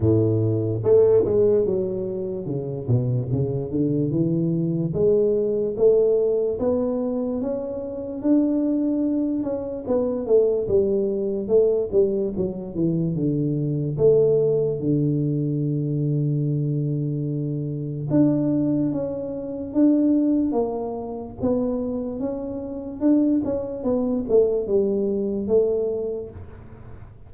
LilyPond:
\new Staff \with { instrumentName = "tuba" } { \time 4/4 \tempo 4 = 73 a,4 a8 gis8 fis4 cis8 b,8 | cis8 d8 e4 gis4 a4 | b4 cis'4 d'4. cis'8 | b8 a8 g4 a8 g8 fis8 e8 |
d4 a4 d2~ | d2 d'4 cis'4 | d'4 ais4 b4 cis'4 | d'8 cis'8 b8 a8 g4 a4 | }